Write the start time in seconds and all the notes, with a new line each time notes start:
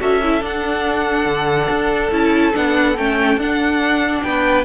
0.00 C#4 F#4 A4 E5
0.24 E4
0.42 D4 F#5
1.26 D3
1.70 D4
2.12 C#4 E4 A5
2.54 B3 D4 F#5
2.98 A3 C#4 G5
3.37 D4 F#5
4.23 B3 B4 G5